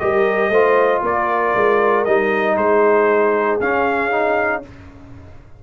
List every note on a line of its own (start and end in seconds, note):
0.00 0.50 G3
0.00 0.51 G4
0.00 0.51 A#4
0.00 1.03 D#5
0.50 1.01 A3
0.50 2.07 F4
0.50 1.02 C5
1.03 1.54 A#3
1.03 2.58 A#4
1.03 2.05 D5
1.56 2.07 G#3
2.05 2.57 G3
2.05 3.61 D#4
2.05 2.57 D#5
2.57 3.60 G#3
2.57 4.63 G#4
2.57 3.60 C5
3.61 4.63 C#4
3.61 4.12 C#4
3.61 4.64 F5
4.12 4.63 D#4